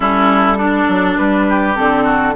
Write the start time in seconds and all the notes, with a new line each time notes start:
0.00 G3 C#4 E4 A4
0.57 D4
0.87 F#3
1.17 G3 B4
1.48 G4
1.75 D3 C4 A4
2.04 F#4